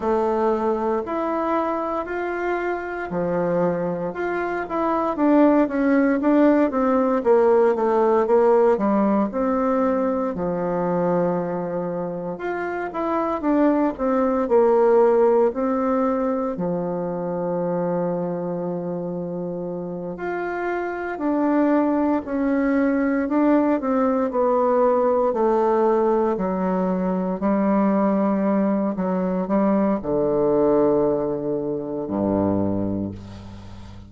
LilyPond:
\new Staff \with { instrumentName = "bassoon" } { \time 4/4 \tempo 4 = 58 a4 e'4 f'4 f4 | f'8 e'8 d'8 cis'8 d'8 c'8 ais8 a8 | ais8 g8 c'4 f2 | f'8 e'8 d'8 c'8 ais4 c'4 |
f2.~ f8 f'8~ | f'8 d'4 cis'4 d'8 c'8 b8~ | b8 a4 fis4 g4. | fis8 g8 d2 g,4 | }